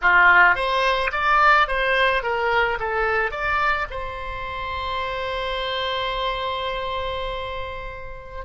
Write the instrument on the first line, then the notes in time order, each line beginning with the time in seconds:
oboe
0.02 F4
0.55 C5
1.12 D5
1.67 C5
2.22 A#4
2.79 A4
3.31 D5
3.90 C5